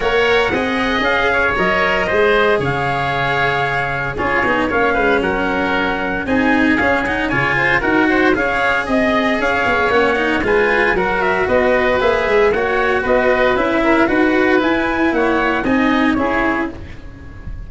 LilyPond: <<
  \new Staff \with { instrumentName = "trumpet" } { \time 4/4 \tempo 4 = 115 fis''2 f''4 dis''4~ | dis''4 f''2. | cis''4 f''4 fis''2 | gis''4 f''8 fis''8 gis''4 fis''4 |
f''4 dis''4 f''4 fis''4 | gis''4 fis''8 e''8 dis''4 e''4 | fis''4 dis''4 e''4 fis''4 | gis''4 fis''4 gis''4 cis''4 | }
  \new Staff \with { instrumentName = "oboe" } { \time 4/4 cis''4 dis''4. cis''4. | c''4 cis''2. | gis'4 cis''8 b'8 ais'2 | gis'2 cis''8 c''8 ais'8 c''8 |
cis''4 dis''4 cis''2 | b'4 ais'4 b'2 | cis''4 b'4. ais'8 b'4~ | b'4 cis''4 dis''4 gis'4 | }
  \new Staff \with { instrumentName = "cello" } { \time 4/4 ais'4 gis'2 ais'4 | gis'1 | f'8 dis'8 cis'2. | dis'4 cis'8 dis'8 f'4 fis'4 |
gis'2. cis'8 dis'8 | f'4 fis'2 gis'4 | fis'2 e'4 fis'4 | e'2 dis'4 e'4 | }
  \new Staff \with { instrumentName = "tuba" } { \time 4/4 ais4 c'4 cis'4 fis4 | gis4 cis2. | cis'8 b8 ais8 gis8 fis2 | c'4 cis'4 cis4 dis'4 |
cis'4 c'4 cis'8 b8 ais4 | gis4 fis4 b4 ais8 gis8 | ais4 b4 cis'4 dis'4 | e'4 ais4 c'4 cis'4 | }
>>